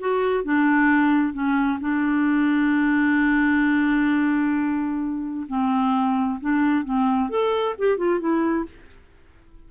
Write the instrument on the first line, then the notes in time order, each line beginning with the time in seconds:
clarinet
0.00 F#4
0.45 D4
1.34 C#4
1.81 D4
5.48 C4
6.41 D4
6.85 C4
7.30 A4
7.79 G4
7.98 F4
8.20 E4